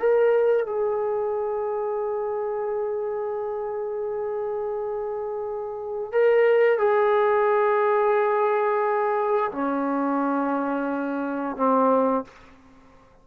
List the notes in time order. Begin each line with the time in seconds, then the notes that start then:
0.00 A#4
0.67 G#4
6.12 A#4
6.79 G#4
9.52 C#4
11.56 C4